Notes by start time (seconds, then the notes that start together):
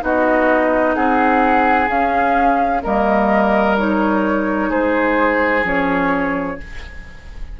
0.00 B3 D#4 F#4 D#5
0.95 C4 G#4 F#5
1.88 C#4 F5
2.83 G3 A#3 A#4 D#5
3.78 D#4 C#5
4.70 G#3 G#4 C5
5.63 F3 C#4 C#5